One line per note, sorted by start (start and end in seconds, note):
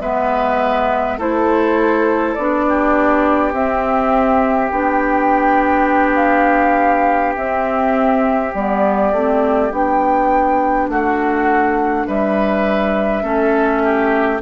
0.00 1.18 G#3
0.00 1.19 B3
0.00 1.17 B4
0.00 1.18 E5
1.17 2.36 A3
1.17 2.36 E4
1.17 2.64 A4
1.17 2.34 C5
2.34 3.53 B3
2.34 3.53 D4
2.34 3.51 D5
2.68 10.90 G4
3.53 4.70 C4
3.53 4.71 E5
4.71 7.36 B3
4.71 7.36 D4
4.71 6.15 G5
6.15 7.33 F5
7.35 8.54 C4
7.35 8.53 E5
8.54 9.12 G3
8.54 9.13 B3
8.54 9.71 D5
9.12 9.70 A3
9.12 9.70 C4
9.70 10.88 B3
9.70 13.22 D4
9.70 10.88 G5
10.88 12.06 A3
10.88 12.07 F#4
10.88 12.06 F#5
12.06 13.22 G3
12.06 13.23 B4
12.06 14.41 E5
13.22 14.40 A3
13.22 14.39 C#4
13.22 13.82 A4
13.83 14.41 G4